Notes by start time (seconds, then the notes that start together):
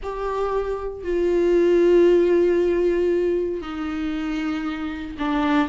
0.02 G4
1.03 F4
3.61 D#4
5.18 D4